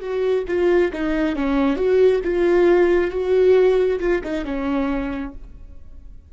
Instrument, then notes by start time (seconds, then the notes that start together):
viola
0.00 F#4
0.47 F4
0.93 D#4
1.36 C#4
1.76 F#4
2.24 F4
3.11 F#4
3.99 F4
4.24 D#4
4.45 C#4